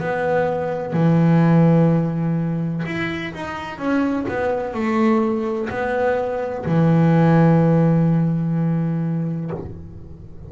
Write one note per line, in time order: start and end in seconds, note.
0.00 0.94 B3
0.94 2.84 E3
2.86 3.34 E4
3.35 3.79 D#4
3.79 4.26 C#4
4.29 4.74 B3
4.74 5.70 A3
5.71 6.66 B3
6.66 9.52 E3